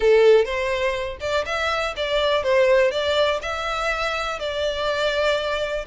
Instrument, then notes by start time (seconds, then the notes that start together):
violin
0.00 A4
0.44 C5
1.20 D5
1.45 E5
1.96 D5
2.43 C5
2.91 D5
3.41 E5
4.39 D5